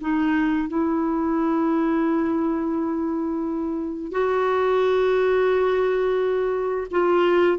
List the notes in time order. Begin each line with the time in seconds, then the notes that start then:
0.00 D#4
0.68 E4
4.11 F#4
6.91 F4